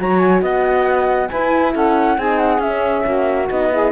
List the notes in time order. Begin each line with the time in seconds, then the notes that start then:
0.00 F#3 F#4 C#5 A#5
0.19 G#5
0.42 B3 D#5 F#5
1.29 E4 B4 G#5
1.74 C#4 A4 F#5
2.18 C4 D#4 G#4 G#5
2.39 F#5
2.59 C#4 E5
3.06 A#3 F#4
3.50 B3 D#4 D#5
3.72 E4 G#4